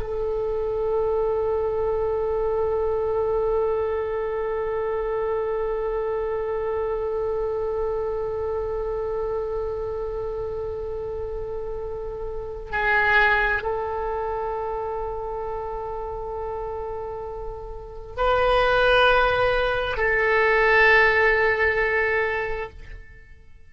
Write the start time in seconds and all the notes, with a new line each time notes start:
0.00 A4
12.71 G#4
13.62 A4
18.17 B4
19.97 A4